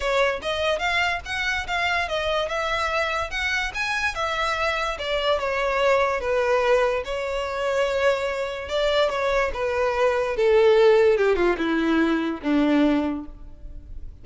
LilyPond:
\new Staff \with { instrumentName = "violin" } { \time 4/4 \tempo 4 = 145 cis''4 dis''4 f''4 fis''4 | f''4 dis''4 e''2 | fis''4 gis''4 e''2 | d''4 cis''2 b'4~ |
b'4 cis''2.~ | cis''4 d''4 cis''4 b'4~ | b'4 a'2 g'8 f'8 | e'2 d'2 | }